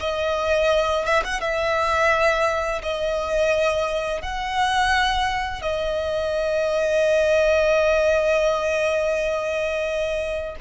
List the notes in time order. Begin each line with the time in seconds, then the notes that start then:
0.00 D#5
1.05 E5
1.24 F#5
1.41 E5
2.82 D#5
4.22 F#5
5.61 D#5